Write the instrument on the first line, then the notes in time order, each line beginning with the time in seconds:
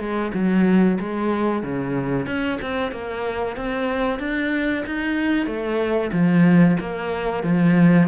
cello
0.00 G#3
0.34 F#3
1.00 G#3
1.63 C#3
2.27 C#4
2.62 C4
2.92 A#3
3.57 C4
4.20 D4
4.86 D#4
5.47 A3
6.13 F3
6.80 A#3
7.44 F3